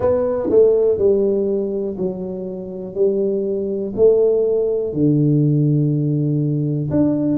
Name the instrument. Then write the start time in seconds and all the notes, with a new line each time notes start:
tuba
0.00 B3
0.50 A3
0.98 G3
1.97 F#3
2.95 G3
3.95 A3
4.93 D3
6.90 D4